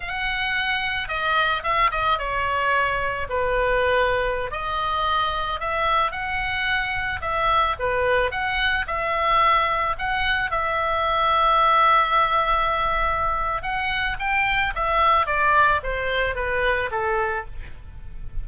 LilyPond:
\new Staff \with { instrumentName = "oboe" } { \time 4/4 \tempo 4 = 110 fis''2 dis''4 e''8 dis''8 | cis''2 b'2~ | b'16 dis''2 e''4 fis''8.~ | fis''4~ fis''16 e''4 b'4 fis''8.~ |
fis''16 e''2 fis''4 e''8.~ | e''1~ | e''4 fis''4 g''4 e''4 | d''4 c''4 b'4 a'4 | }